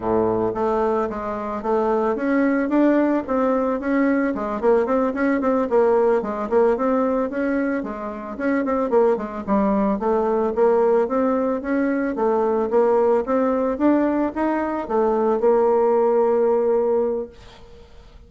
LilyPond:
\new Staff \with { instrumentName = "bassoon" } { \time 4/4 \tempo 4 = 111 a,4 a4 gis4 a4 | cis'4 d'4 c'4 cis'4 | gis8 ais8 c'8 cis'8 c'8 ais4 gis8 | ais8 c'4 cis'4 gis4 cis'8 |
c'8 ais8 gis8 g4 a4 ais8~ | ais8 c'4 cis'4 a4 ais8~ | ais8 c'4 d'4 dis'4 a8~ | a8 ais2.~ ais8 | }